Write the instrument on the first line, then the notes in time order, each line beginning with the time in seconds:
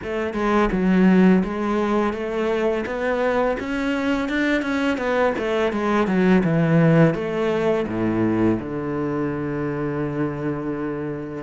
cello
0.03 A3
0.33 G#3
0.71 F#3
1.44 G#3
2.13 A3
2.86 B3
3.59 C#4
4.29 D4
4.62 C#4
4.97 B3
5.38 A3
5.72 G#3
6.07 F#3
6.44 E3
7.14 A3
7.87 A2
8.59 D3